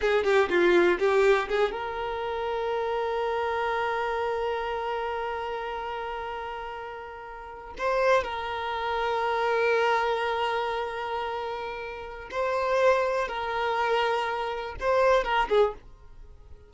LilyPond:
\new Staff \with { instrumentName = "violin" } { \time 4/4 \tempo 4 = 122 gis'8 g'8 f'4 g'4 gis'8 ais'8~ | ais'1~ | ais'1~ | ais'2.~ ais'8. c''16~ |
c''8. ais'2.~ ais'16~ | ais'1~ | ais'4 c''2 ais'4~ | ais'2 c''4 ais'8 gis'8 | }